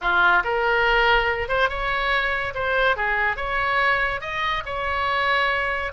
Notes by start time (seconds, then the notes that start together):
0.01 F4
0.44 A#4
1.48 C5
1.69 C#5
2.54 C5
2.96 G#4
3.36 C#5
4.20 D#5
4.65 C#5